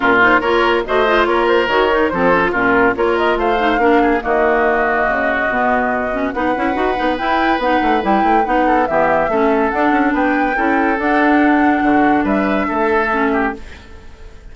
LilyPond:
<<
  \new Staff \with { instrumentName = "flute" } { \time 4/4 \tempo 4 = 142 ais'8 c''8 cis''4 dis''4 cis''8 c''8 | cis''4 c''4 ais'4 cis''8 dis''8 | f''2 dis''2~ | dis''2. fis''4~ |
fis''4 g''4 fis''4 g''4 | fis''4 e''2 fis''4 | g''2 fis''2~ | fis''4 e''2. | }
  \new Staff \with { instrumentName = "oboe" } { \time 4/4 f'4 ais'4 c''4 ais'4~ | ais'4 a'4 f'4 ais'4 | c''4 ais'8 gis'8 fis'2~ | fis'2. b'4~ |
b'1~ | b'8 a'8 g'4 a'2 | b'4 a'2. | fis'4 b'4 a'4. g'8 | }
  \new Staff \with { instrumentName = "clarinet" } { \time 4/4 cis'8 dis'8 f'4 fis'8 f'4. | fis'8 dis'8 c'8 cis'16 f'16 cis'4 f'4~ | f'8 dis'8 d'4 ais2~ | ais4 b4. cis'8 dis'8 e'8 |
fis'8 dis'8 e'4 dis'4 e'4 | dis'4 b4 cis'4 d'4~ | d'4 e'4 d'2~ | d'2. cis'4 | }
  \new Staff \with { instrumentName = "bassoon" } { \time 4/4 ais,4 ais4 a4 ais4 | dis4 f4 ais,4 ais4 | a4 ais4 dis2 | cis4 b,2 b8 cis'8 |
dis'8 b8 e'4 b8 a8 g8 a8 | b4 e4 a4 d'8 cis'8 | b4 cis'4 d'2 | d4 g4 a2 | }
>>